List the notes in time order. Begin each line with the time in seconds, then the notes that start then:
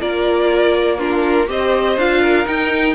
0.00 A#3 F4 A#4 D5
0.98 D4 F4 A#4
1.47 C4 G4 C5 D#5
1.97 D4 F4 F5
2.21 A#4
2.45 D#4 G5